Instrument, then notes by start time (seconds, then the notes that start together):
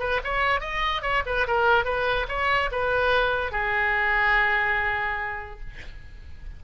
oboe
0.00 B4
0.24 C#5
0.61 D#5
1.02 C#5
1.26 B4
1.48 A#4
1.85 B4
2.29 C#5
2.72 B4
3.52 G#4